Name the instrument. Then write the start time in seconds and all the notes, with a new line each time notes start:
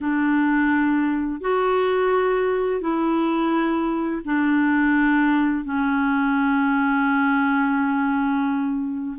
clarinet
0.00 D4
1.40 F#4
2.80 E4
4.24 D4
5.64 C#4